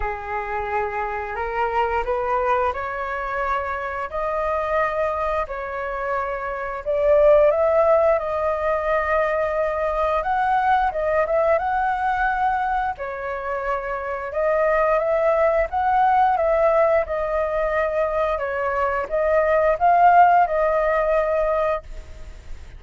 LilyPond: \new Staff \with { instrumentName = "flute" } { \time 4/4 \tempo 4 = 88 gis'2 ais'4 b'4 | cis''2 dis''2 | cis''2 d''4 e''4 | dis''2. fis''4 |
dis''8 e''8 fis''2 cis''4~ | cis''4 dis''4 e''4 fis''4 | e''4 dis''2 cis''4 | dis''4 f''4 dis''2 | }